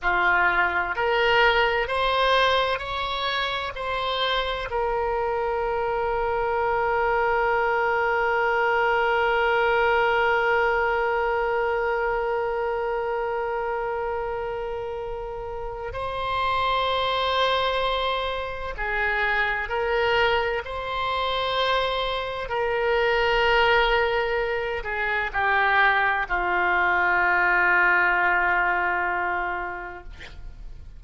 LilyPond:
\new Staff \with { instrumentName = "oboe" } { \time 4/4 \tempo 4 = 64 f'4 ais'4 c''4 cis''4 | c''4 ais'2.~ | ais'1~ | ais'1~ |
ais'4 c''2. | gis'4 ais'4 c''2 | ais'2~ ais'8 gis'8 g'4 | f'1 | }